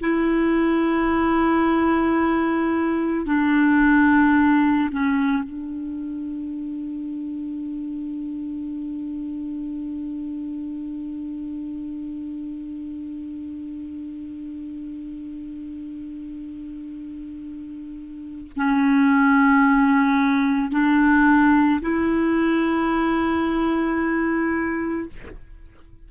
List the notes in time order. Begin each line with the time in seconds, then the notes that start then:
0.00 E4
3.26 D4
4.91 C#4
5.43 D4
18.57 C#4
20.71 D4
21.81 E4